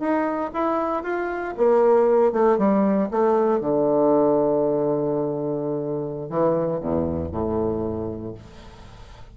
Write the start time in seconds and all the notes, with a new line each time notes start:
0.00 D#4
0.54 E4
1.04 F4
1.58 A#3
2.33 A3
2.59 G3
3.11 A3
3.61 D3
6.30 E3
6.81 E2
7.32 A2